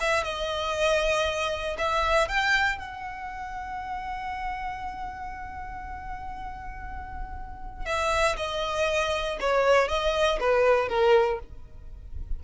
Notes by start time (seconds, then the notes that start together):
0.00 E5
0.24 D#5
1.78 E5
2.28 G5
2.78 F#5
7.85 E5
8.36 D#5
9.40 C#5
9.88 D#5
10.40 B4
10.89 A#4